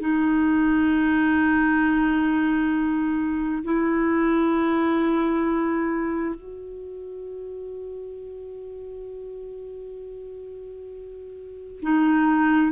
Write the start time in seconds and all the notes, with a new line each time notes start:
0.00 D#4
3.64 E4
6.35 F#4
11.82 D#4